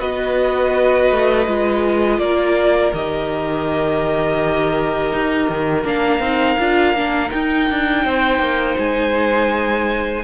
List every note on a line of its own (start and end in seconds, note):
0.00 1.11 B3
0.00 1.46 F#4
0.00 2.20 B4
0.00 2.20 D#5
1.11 1.47 A3
1.47 2.19 G#3
1.47 2.94 F4
2.19 2.92 A#3
2.19 8.04 A#4
2.19 2.93 D5
2.93 5.13 D#3
2.93 5.85 G4
2.93 5.86 D#5
5.13 5.49 D#4
5.49 5.85 D#3
5.85 6.20 A#3
5.85 6.21 D4
5.85 7.31 F5
6.20 6.56 C4
6.20 6.59 D#4
6.59 6.95 D4
6.59 6.96 F4
6.95 7.31 A#3
6.95 7.29 D4
7.29 10.21 D#4
7.29 7.70 D#4
7.29 8.77 G5
7.70 8.05 D4
8.04 8.39 C4
8.04 10.24 C5
8.39 8.76 A#3
8.79 10.25 G#3
8.79 10.25 G#5